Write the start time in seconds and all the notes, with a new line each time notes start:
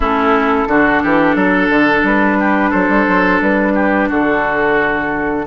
0.00 A3 C#4 E4 A4
0.67 D3 D4 F#4
1.02 E3 G4
1.35 F#3 A4
1.69 D3
2.03 G3 B4
2.39 G4
2.70 F#3 A4 C5
2.88 G3
3.07 F#3
3.41 G3 B4
3.74 G4
4.09 D3 F#4 A4